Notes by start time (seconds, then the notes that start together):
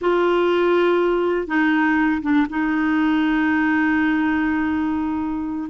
0.01 F4
1.47 D#4
2.22 D4
2.49 D#4